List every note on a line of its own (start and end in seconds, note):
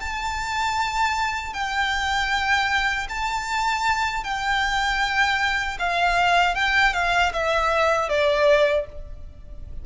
0.00 1.53 A5
1.53 3.07 G5
3.09 4.23 A5
4.23 5.77 G5
5.79 6.55 F5
6.55 6.93 G5
6.93 7.32 F5
7.33 8.09 E5
8.09 8.86 D5